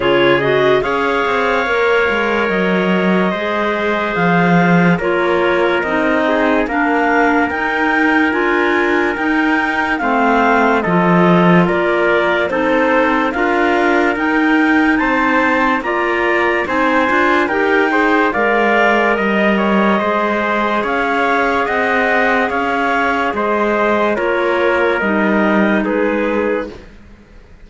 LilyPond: <<
  \new Staff \with { instrumentName = "clarinet" } { \time 4/4 \tempo 4 = 72 cis''8 dis''8 f''2 dis''4~ | dis''4 f''4 cis''4 dis''4 | f''4 g''4 gis''4 g''4 | f''4 dis''4 d''4 c''4 |
f''4 g''4 a''4 ais''4 | gis''4 g''4 f''4 dis''4~ | dis''4 f''4 fis''4 f''4 | dis''4 cis''4 dis''4 b'4 | }
  \new Staff \with { instrumentName = "trumpet" } { \time 4/4 gis'4 cis''2. | c''2 ais'4. gis'8 | ais'1 | c''4 a'4 ais'4 a'4 |
ais'2 c''4 d''4 | c''4 ais'8 c''8 d''4 dis''8 cis''8 | c''4 cis''4 dis''4 cis''4 | c''4 ais'2 gis'4 | }
  \new Staff \with { instrumentName = "clarinet" } { \time 4/4 f'8 fis'8 gis'4 ais'2 | gis'2 f'4 dis'4 | d'4 dis'4 f'4 dis'4 | c'4 f'2 dis'4 |
f'4 dis'2 f'4 | dis'8 f'8 g'8 gis'8 ais'2 | gis'1~ | gis'4 f'4 dis'2 | }
  \new Staff \with { instrumentName = "cello" } { \time 4/4 cis4 cis'8 c'8 ais8 gis8 fis4 | gis4 f4 ais4 c'4 | ais4 dis'4 d'4 dis'4 | a4 f4 ais4 c'4 |
d'4 dis'4 c'4 ais4 | c'8 d'8 dis'4 gis4 g4 | gis4 cis'4 c'4 cis'4 | gis4 ais4 g4 gis4 | }
>>